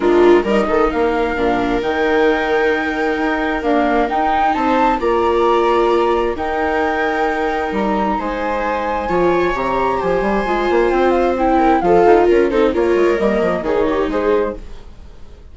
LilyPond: <<
  \new Staff \with { instrumentName = "flute" } { \time 4/4 \tempo 4 = 132 ais'4 dis''4 f''2 | g''1 | f''4 g''4 a''4 ais''4~ | ais''2 g''2~ |
g''4 ais''4 gis''2~ | gis''4 ais''4 gis''2 | g''8 f''8 g''4 f''4 ais'8 c''8 | cis''4 dis''4 cis''4 c''4 | }
  \new Staff \with { instrumentName = "viola" } { \time 4/4 f'4 ais'8 a'8 ais'2~ | ais'1~ | ais'2 c''4 d''4~ | d''2 ais'2~ |
ais'2 c''2 | cis''2 c''2~ | c''4. ais'8 a'4 ais'8 a'8 | ais'2 gis'8 g'8 gis'4 | }
  \new Staff \with { instrumentName = "viola" } { \time 4/4 d'4 dis'2 d'4 | dis'1 | ais4 dis'2 f'4~ | f'2 dis'2~ |
dis'1 | f'4 g'2 f'4~ | f'4 e'4 f'4. dis'8 | f'4 ais4 dis'2 | }
  \new Staff \with { instrumentName = "bassoon" } { \time 4/4 gis4 g8 dis8 ais4 ais,4 | dis2. dis'4 | d'4 dis'4 c'4 ais4~ | ais2 dis'2~ |
dis'4 g4 gis2 | f4 c4 f8 g8 gis8 ais8 | c'2 f8 dis'8 cis'8 c'8 | ais8 gis8 g8 f8 dis4 gis4 | }
>>